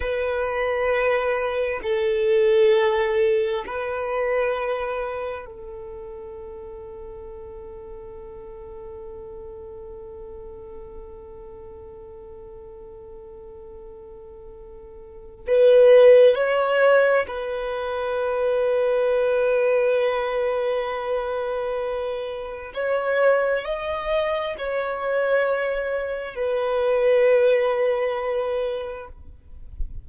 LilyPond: \new Staff \with { instrumentName = "violin" } { \time 4/4 \tempo 4 = 66 b'2 a'2 | b'2 a'2~ | a'1~ | a'1~ |
a'4 b'4 cis''4 b'4~ | b'1~ | b'4 cis''4 dis''4 cis''4~ | cis''4 b'2. | }